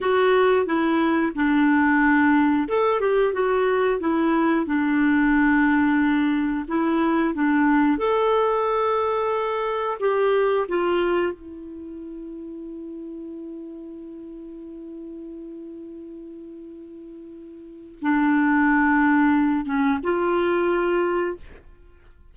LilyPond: \new Staff \with { instrumentName = "clarinet" } { \time 4/4 \tempo 4 = 90 fis'4 e'4 d'2 | a'8 g'8 fis'4 e'4 d'4~ | d'2 e'4 d'4 | a'2. g'4 |
f'4 e'2.~ | e'1~ | e'2. d'4~ | d'4. cis'8 f'2 | }